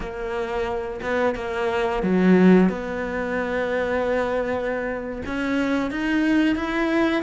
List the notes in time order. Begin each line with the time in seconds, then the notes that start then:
0.00 A#3
1.01 B3
1.35 A#3
2.02 F#3
2.69 B3
5.26 C#4
5.91 D#4
6.55 E4